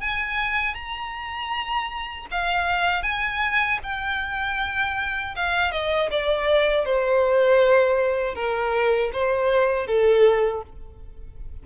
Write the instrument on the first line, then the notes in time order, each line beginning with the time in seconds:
violin
0.00 G#5
0.74 A#5
2.31 F5
3.03 G#5
3.83 G5
5.35 F5
5.71 D#5
6.11 D5
6.85 C5
8.35 A#4
9.13 C5
9.87 A4